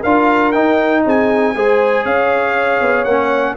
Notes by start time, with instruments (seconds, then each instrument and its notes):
0.00 tuba D4, trombone F4, horn A#4, trumpet F5
0.52 trombone D#4, tuba D#4, trumpet G5
1.04 tuba C4, horn G#4, trumpet G#5
1.55 tuba G#3, trombone G#4, horn C5
2.04 tuba C#4, horn C#5, trumpet F5
2.81 tuba B3
3.04 tuba A#3, trombone C#4, trumpet F#5